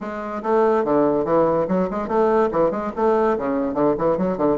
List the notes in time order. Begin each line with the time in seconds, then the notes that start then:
0.00 G#3
0.42 A3
0.84 D3
1.24 E3
1.68 F#3
1.90 G#3
2.07 A3
2.51 E3
2.70 G#3
2.95 A3
3.37 C#3
3.74 D3
3.98 E3
4.17 F#3
4.37 D3